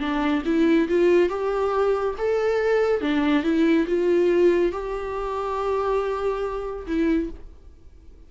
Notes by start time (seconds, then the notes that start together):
0.00 D4
0.45 E4
0.89 F4
1.29 G4
2.18 A4
3.02 D4
3.43 E4
3.87 F4
4.72 G4
6.87 E4